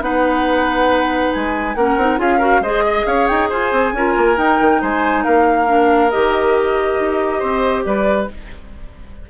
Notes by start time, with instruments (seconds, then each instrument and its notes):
0.00 bassoon B3, clarinet D#4, oboe B4, flute F#5
1.32 bassoon G#3, flute G#5
1.75 bassoon A#3, clarinet C#4, oboe A#4, flute F#5
1.96 bassoon C4, clarinet D#4
2.17 bassoon C#4, clarinet F4, oboe G#4, flute F5
2.38 clarinet F#4, oboe A#4
2.60 bassoon G#3, clarinet G#4, oboe C5, flute D#5
2.84 oboe D#5
3.06 bassoon C#4, oboe C#5, flute F5
3.27 bassoon D#4, flute G5
3.49 bassoon F4, oboe C5, flute G#5
3.71 bassoon C4
3.93 bassoon C#4, clarinet F4, oboe A#4
4.16 bassoon A#3
4.36 clarinet D#4, bassoon D#4, flute G5
4.60 bassoon D#3
4.81 bassoon G#3, oboe C5, flute G#5
5.23 bassoon A#3, oboe A#4, flute F5
5.66 clarinet D4
6.10 bassoon D#3, clarinet G4, flute D#5
6.99 bassoon D#4
7.39 bassoon C4, oboe C5
7.84 bassoon G3, oboe B4, flute D5